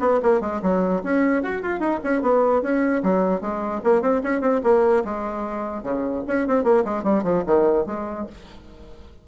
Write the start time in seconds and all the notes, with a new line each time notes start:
0.00 B3
0.23 A#3
0.41 G#3
0.62 F#3
1.03 C#4
1.43 F#4
1.63 F4
1.80 D#4
2.04 C#4
2.22 B3
2.62 C#4
3.03 F#3
3.41 G#3
3.84 A#3
4.02 C4
4.23 C#4
4.41 C4
4.63 A#3
5.04 G#3
5.83 C#3
6.28 C#4
6.47 C4
6.64 A#3
6.85 G#3
7.04 G3
7.24 F3
7.46 D#3
7.86 G#3